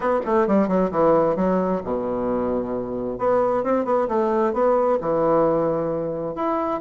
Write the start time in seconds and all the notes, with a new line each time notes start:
0.00 B3
0.25 A3
0.47 G3
0.68 F#3
0.91 E3
1.36 F#3
1.83 B2
3.18 B3
3.63 C4
3.85 B3
4.08 A3
4.53 B3
5.00 E3
6.35 E4